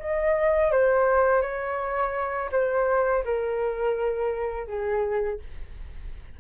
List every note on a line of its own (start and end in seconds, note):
0.00 0.72 D#5
0.72 1.42 C5
1.42 2.51 C#5
2.52 3.24 C5
3.25 4.68 A#4
4.68 5.40 G#4